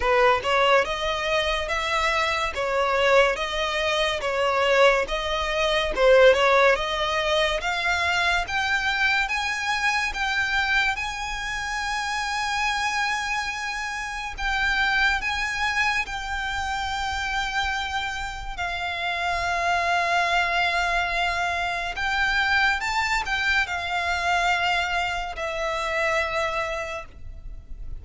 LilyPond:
\new Staff \with { instrumentName = "violin" } { \time 4/4 \tempo 4 = 71 b'8 cis''8 dis''4 e''4 cis''4 | dis''4 cis''4 dis''4 c''8 cis''8 | dis''4 f''4 g''4 gis''4 | g''4 gis''2.~ |
gis''4 g''4 gis''4 g''4~ | g''2 f''2~ | f''2 g''4 a''8 g''8 | f''2 e''2 | }